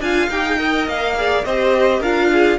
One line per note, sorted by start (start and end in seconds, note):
0.00 0.29 D4
0.00 0.31 F4
0.00 0.59 F5
0.00 0.30 G#5
0.30 0.88 D#4
0.30 0.46 G4
0.30 0.88 G5
0.46 0.59 G#4
0.59 1.16 A#4
0.59 1.16 D#5
0.88 1.45 A#3
0.88 1.45 F5
1.16 1.45 G#4
1.16 1.46 D5
1.45 2.01 C4
1.45 2.04 G4
1.45 2.00 C5
1.45 2.03 D#5
2.00 2.58 D4
2.00 2.59 F4
2.00 2.29 A#4
2.00 2.59 F5
2.33 2.59 G#4